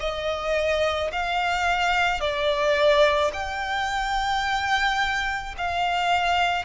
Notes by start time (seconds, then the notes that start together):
0.00 D#5
1.12 F5
2.21 D5
3.33 G5
5.58 F5